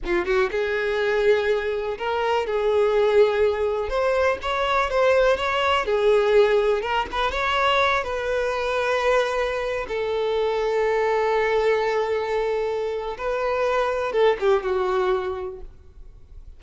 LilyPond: \new Staff \with { instrumentName = "violin" } { \time 4/4 \tempo 4 = 123 f'8 fis'8 gis'2. | ais'4 gis'2. | c''4 cis''4 c''4 cis''4 | gis'2 ais'8 b'8 cis''4~ |
cis''8 b'2.~ b'8~ | b'16 a'2.~ a'8.~ | a'2. b'4~ | b'4 a'8 g'8 fis'2 | }